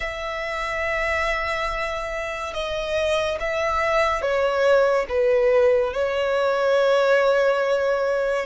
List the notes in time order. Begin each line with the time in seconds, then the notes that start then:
0.00 E5
2.53 D#5
3.40 E5
4.21 C#5
5.09 B4
5.93 C#5